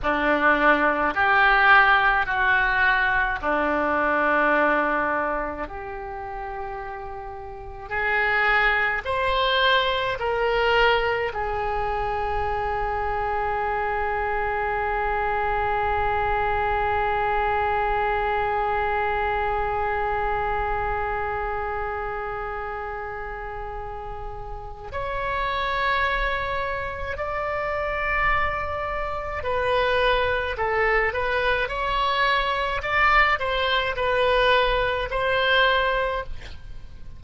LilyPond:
\new Staff \with { instrumentName = "oboe" } { \time 4/4 \tempo 4 = 53 d'4 g'4 fis'4 d'4~ | d'4 g'2 gis'4 | c''4 ais'4 gis'2~ | gis'1~ |
gis'1~ | gis'2 cis''2 | d''2 b'4 a'8 b'8 | cis''4 d''8 c''8 b'4 c''4 | }